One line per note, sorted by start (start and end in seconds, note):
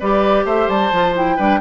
0.00 0.45 G3
0.00 0.93 G4
0.00 0.46 B4
0.00 0.47 D5
0.45 0.68 A3
0.45 1.37 C5
0.45 0.69 E5
0.69 0.92 G3
0.69 1.15 A5
0.92 1.38 F3
0.92 1.16 F4
1.16 1.39 E4
1.16 1.61 G5
1.37 1.61 G3
1.37 1.61 D4
1.37 1.60 B4